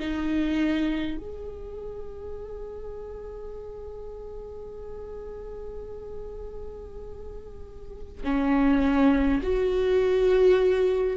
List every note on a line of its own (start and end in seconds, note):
0.00 1.18 D#4
1.18 8.24 G#4
8.24 9.42 C#4
9.43 11.17 F#4